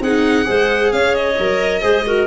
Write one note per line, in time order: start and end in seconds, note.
0.00 0.45 C4
0.00 0.44 D#4
0.00 0.46 G#4
0.00 0.92 F#5
0.44 0.92 G#3
0.44 1.35 G#4
0.44 0.92 C5
0.92 1.38 C#4
0.92 1.82 C#5
0.92 1.14 F5
1.14 2.26 D#5
1.38 1.82 F#3
1.38 1.82 A#4
1.82 2.26 G#3
1.82 2.04 G#4
1.82 2.05 C5
2.06 2.26 F#4
2.06 2.26 A#4